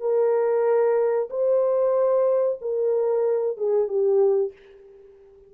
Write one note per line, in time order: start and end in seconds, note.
0.00 1.29 A#4
1.30 2.59 C5
2.61 3.57 A#4
3.57 3.88 G#4
3.88 4.52 G4